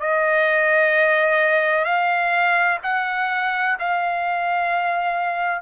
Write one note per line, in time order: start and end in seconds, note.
0.00 1.85 D#5
1.85 2.78 F5
2.83 3.77 F#5
3.79 5.61 F5